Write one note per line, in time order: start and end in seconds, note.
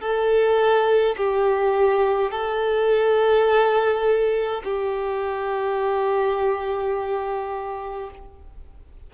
0.00 1.15 A4
1.17 2.30 G4
2.30 4.61 A4
4.64 8.10 G4